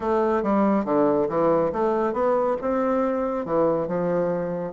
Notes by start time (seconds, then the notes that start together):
0.00 A3
0.43 G3
0.84 D3
1.28 E3
1.72 A3
2.13 B3
2.61 C4
3.45 E3
3.87 F3